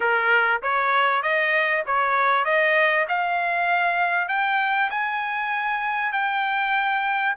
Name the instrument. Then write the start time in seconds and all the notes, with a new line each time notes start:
trumpet
0.00 A#4
0.62 C#5
1.22 D#5
1.86 C#5
2.44 D#5
3.08 F5
4.28 G5
4.90 G#5
6.12 G5